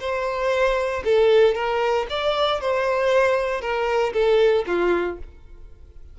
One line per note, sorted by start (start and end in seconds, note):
0.00 1.03 C5
1.05 1.55 A4
1.55 2.06 A#4
2.10 2.61 D5
2.61 3.61 C5
3.61 4.13 A#4
4.13 4.65 A4
4.67 5.19 F4